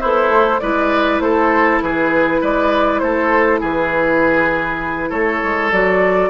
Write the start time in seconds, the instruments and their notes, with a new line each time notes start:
0.00 bassoon B3, oboe E4, clarinet A4, flute C5
0.29 bassoon A3
0.59 bassoon G#3, clarinet E4, oboe B4, flute D5
1.20 bassoon A3, oboe A4, flute C5
1.81 bassoon E3, oboe G#4, flute B4
2.41 bassoon G#3, oboe B4, flute D5
2.99 bassoon A3, oboe A4, flute C5
3.60 bassoon E3, oboe G#4, flute B4
5.09 bassoon A3, oboe A4, flute C#5
5.43 bassoon G#3
5.71 bassoon F#3, clarinet F#4, flute D5